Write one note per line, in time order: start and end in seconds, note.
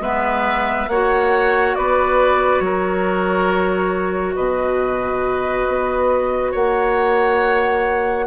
0.00 0.87 G#3
0.00 0.89 B3
0.00 0.89 B4
0.00 0.89 E5
0.88 1.75 A#3
0.88 8.26 F#4
0.88 1.77 C#5
0.88 1.75 F#5
1.75 2.60 B3
1.75 2.64 B4
1.75 2.60 D5
2.60 4.34 F#3
2.60 4.35 A#4
2.60 4.34 C#5
4.35 5.68 B2
4.35 6.51 B4
4.35 6.52 D#5
5.68 6.54 B3
6.51 8.26 A#3
6.51 8.25 C#5
6.51 8.26 F#5